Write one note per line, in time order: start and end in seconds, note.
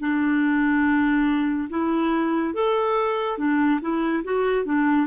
0.00 1.69 D4
1.70 2.54 E4
2.54 3.38 A4
3.38 3.80 D4
3.81 4.23 E4
4.24 4.65 F#4
4.65 5.07 D4